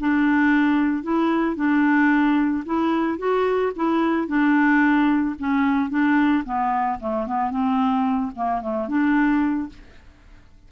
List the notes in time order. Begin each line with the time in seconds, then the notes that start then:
0.00 D4
1.03 E4
1.56 D4
2.66 E4
3.19 F#4
3.76 E4
4.28 D4
5.39 C#4
5.90 D4
6.45 B3
7.00 A3
7.27 B3
7.51 C4
8.36 A#3
8.62 A3
8.88 D4